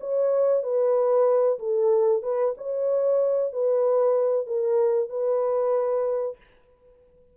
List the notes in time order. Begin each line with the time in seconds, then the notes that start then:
0.00 C#5
0.63 B4
1.59 A4
2.22 B4
2.57 C#5
3.52 B4
4.47 A#4
5.09 B4